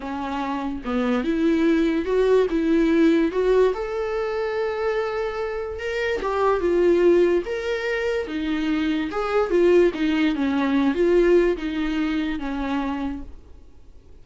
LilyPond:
\new Staff \with { instrumentName = "viola" } { \time 4/4 \tempo 4 = 145 cis'2 b4 e'4~ | e'4 fis'4 e'2 | fis'4 a'2.~ | a'2 ais'4 g'4 |
f'2 ais'2 | dis'2 gis'4 f'4 | dis'4 cis'4. f'4. | dis'2 cis'2 | }